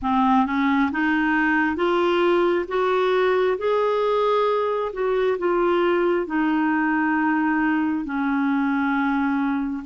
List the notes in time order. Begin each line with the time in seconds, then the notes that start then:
0.02 C4
0.46 C#4
0.91 D#4
1.76 F4
2.67 F#4
3.57 G#4
4.93 F#4
5.38 F4
6.26 D#4
8.04 C#4